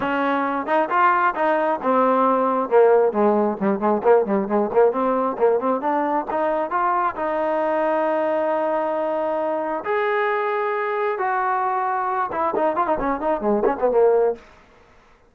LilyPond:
\new Staff \with { instrumentName = "trombone" } { \time 4/4 \tempo 4 = 134 cis'4. dis'8 f'4 dis'4 | c'2 ais4 gis4 | g8 gis8 ais8 g8 gis8 ais8 c'4 | ais8 c'8 d'4 dis'4 f'4 |
dis'1~ | dis'2 gis'2~ | gis'4 fis'2~ fis'8 e'8 | dis'8 f'16 dis'16 cis'8 dis'8 gis8 cis'16 b16 ais4 | }